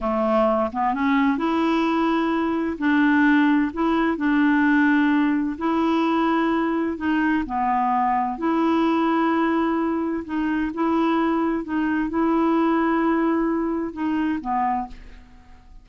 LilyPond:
\new Staff \with { instrumentName = "clarinet" } { \time 4/4 \tempo 4 = 129 a4. b8 cis'4 e'4~ | e'2 d'2 | e'4 d'2. | e'2. dis'4 |
b2 e'2~ | e'2 dis'4 e'4~ | e'4 dis'4 e'2~ | e'2 dis'4 b4 | }